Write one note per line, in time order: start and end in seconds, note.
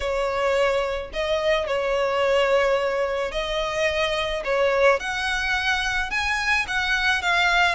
0.00 1.10 C#5
1.13 1.66 D#5
1.66 3.31 C#5
3.31 4.42 D#5
4.44 4.99 C#5
4.99 6.10 F#5
6.10 6.65 G#5
6.67 7.21 F#5
7.21 7.75 F5